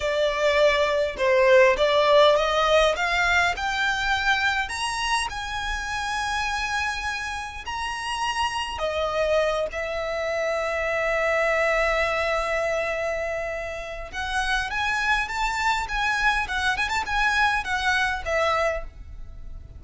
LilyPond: \new Staff \with { instrumentName = "violin" } { \time 4/4 \tempo 4 = 102 d''2 c''4 d''4 | dis''4 f''4 g''2 | ais''4 gis''2.~ | gis''4 ais''2 dis''4~ |
dis''8 e''2.~ e''8~ | e''1 | fis''4 gis''4 a''4 gis''4 | fis''8 gis''16 a''16 gis''4 fis''4 e''4 | }